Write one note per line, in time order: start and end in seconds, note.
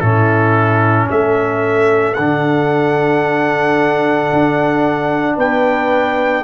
0.00 1.09 A2
0.00 2.16 C#4
0.00 1.08 E4
0.00 1.07 A4
1.10 2.18 A3
1.10 5.36 A4
1.10 2.14 E5
2.14 4.32 D3
2.14 6.44 D4
2.14 5.35 F#5
4.32 5.37 D4
5.36 6.44 B3
5.36 6.43 B4
5.36 6.44 G5